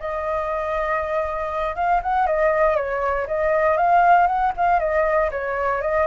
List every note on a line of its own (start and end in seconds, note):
0.00 1.76 D#5
1.76 2.01 F5
2.03 2.27 F#5
2.27 2.76 D#5
2.76 3.27 C#5
3.27 3.77 D#5
3.77 4.27 F5
4.27 4.53 F#5
4.57 4.80 F5
4.80 5.30 D#5
5.31 5.82 C#5
5.82 6.07 D#5